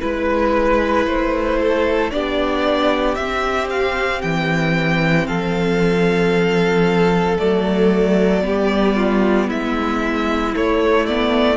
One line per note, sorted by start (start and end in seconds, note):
0.00 1.06 G#3
0.00 2.11 E4
0.00 1.05 B4
0.00 1.59 B4
1.06 2.11 A3
1.06 2.10 C5
1.60 2.13 A4
2.10 3.16 B3
2.10 3.16 D4
2.10 5.27 G4
2.10 3.14 D5
3.14 4.21 C4
3.14 3.67 E5
3.21 7.37 C4
3.69 4.21 F5
4.21 5.27 E3
4.21 5.26 G5
5.26 7.37 F3
5.26 8.43 A4
5.26 7.37 F5
7.37 8.45 F#3
7.37 8.41 A3
7.37 9.49 D5
8.41 9.49 G3
8.41 10.52 B3
8.41 8.95 G4
8.95 9.47 F4
9.47 10.54 G#3
9.47 11.56 E4
9.47 10.54 E5
10.54 11.07 A3
10.54 11.56 A3
10.54 11.06 C#5
11.06 11.56 B3
11.06 11.56 D5